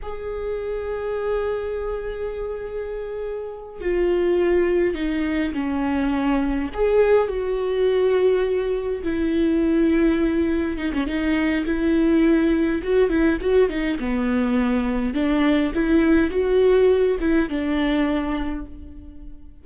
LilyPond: \new Staff \with { instrumentName = "viola" } { \time 4/4 \tempo 4 = 103 gis'1~ | gis'2~ gis'8 f'4.~ | f'8 dis'4 cis'2 gis'8~ | gis'8 fis'2. e'8~ |
e'2~ e'8 dis'16 cis'16 dis'4 | e'2 fis'8 e'8 fis'8 dis'8 | b2 d'4 e'4 | fis'4. e'8 d'2 | }